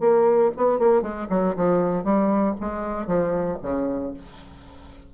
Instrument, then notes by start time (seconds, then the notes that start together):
bassoon
0.00 A#3
0.56 B3
0.79 A#3
1.02 G#3
1.29 F#3
1.56 F3
2.04 G3
2.60 G#3
3.07 F3
3.62 C#3